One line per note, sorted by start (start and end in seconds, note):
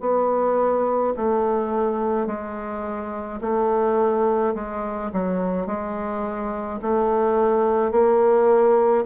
0.00 1.13 B3
1.16 2.26 A3
2.26 3.40 G#3
3.41 4.54 A3
4.54 5.11 G#3
5.12 5.66 F#3
5.66 6.79 G#3
6.81 7.91 A3
7.91 9.04 A#3